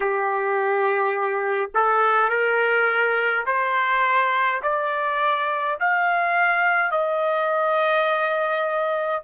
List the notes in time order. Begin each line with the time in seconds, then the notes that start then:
0.00 G4
1.74 A4
2.29 A#4
3.46 C5
4.62 D5
5.80 F5
6.91 D#5